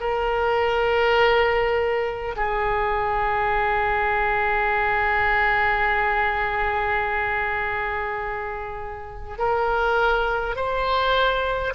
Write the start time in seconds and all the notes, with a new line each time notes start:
0.00 A#4
2.36 G#4
9.38 A#4
10.56 C5